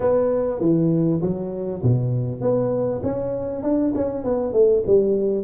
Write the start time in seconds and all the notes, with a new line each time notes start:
0.00 B3
0.60 E3
1.21 F#3
1.82 B2
2.41 B3
3.03 C#4
3.63 D4
3.95 C#4
4.24 B3
4.53 A3
4.86 G3